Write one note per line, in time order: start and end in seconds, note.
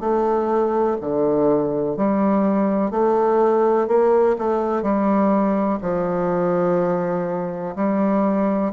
0.00 0.97 A3
1.00 1.97 D3
1.97 2.91 G3
2.91 3.88 A3
3.88 4.36 A#3
4.38 4.82 A3
4.82 5.79 G3
5.82 7.75 F3
7.75 8.72 G3